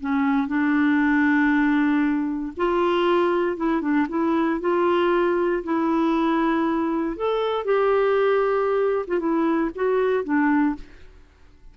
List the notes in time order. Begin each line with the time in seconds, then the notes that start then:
0.00 C#4
0.47 D4
2.56 F4
3.57 E4
3.81 D4
4.09 E4
4.60 F4
5.63 E4
7.16 A4
7.64 G4
9.07 F4
9.19 E4
9.75 F#4
10.24 D4